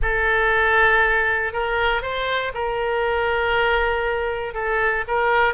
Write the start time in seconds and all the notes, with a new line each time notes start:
0.02 A4
1.52 A#4
2.01 C5
2.53 A#4
4.54 A4
5.07 A#4